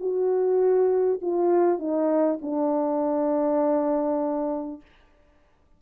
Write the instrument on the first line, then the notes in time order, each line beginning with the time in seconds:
horn
0.00 F#4
1.21 F4
1.78 D#4
2.42 D4